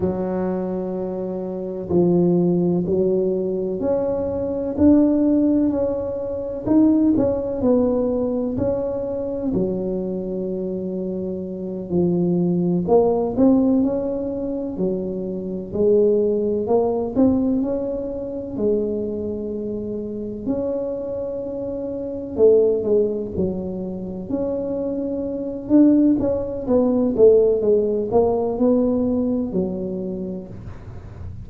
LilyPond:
\new Staff \with { instrumentName = "tuba" } { \time 4/4 \tempo 4 = 63 fis2 f4 fis4 | cis'4 d'4 cis'4 dis'8 cis'8 | b4 cis'4 fis2~ | fis8 f4 ais8 c'8 cis'4 fis8~ |
fis8 gis4 ais8 c'8 cis'4 gis8~ | gis4. cis'2 a8 | gis8 fis4 cis'4. d'8 cis'8 | b8 a8 gis8 ais8 b4 fis4 | }